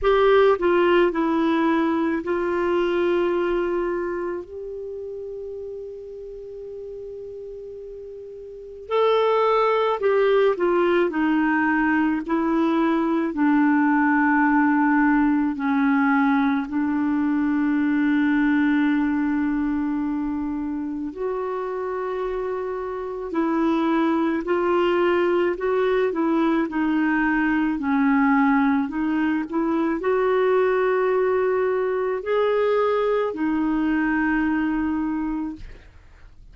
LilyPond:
\new Staff \with { instrumentName = "clarinet" } { \time 4/4 \tempo 4 = 54 g'8 f'8 e'4 f'2 | g'1 | a'4 g'8 f'8 dis'4 e'4 | d'2 cis'4 d'4~ |
d'2. fis'4~ | fis'4 e'4 f'4 fis'8 e'8 | dis'4 cis'4 dis'8 e'8 fis'4~ | fis'4 gis'4 dis'2 | }